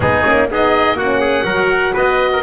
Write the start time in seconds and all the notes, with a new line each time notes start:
0.00 G#3 B3 D#4 G#4
0.24 A#3 C#4
0.50 B3 D#4 G#4 D#5
0.93 A#3 F#4 F#5
0.99 C#4
1.20 G#4
1.44 F#3 F#4 A#4
1.93 B3 B4 D#5
2.33 A#4